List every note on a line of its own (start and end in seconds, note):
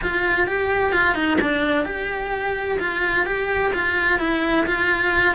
0.02 0.47 F4
0.47 0.92 G4
0.92 1.14 F4
1.14 1.38 D#4
1.41 1.85 D4
1.85 2.78 G4
2.79 3.26 F4
3.26 3.72 G4
3.73 4.19 F4
4.19 4.65 E4
4.66 5.34 F4